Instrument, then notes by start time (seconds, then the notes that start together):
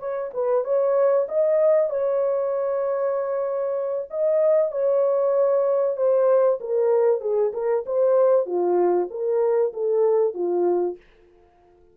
horn
0.00 C#5
0.34 B4
0.65 C#5
1.29 D#5
1.90 C#5
4.11 D#5
4.72 C#5
5.97 C5
6.61 A#4
7.21 G#4
7.54 A#4
7.86 C5
8.46 F4
9.11 A#4
9.74 A4
10.35 F4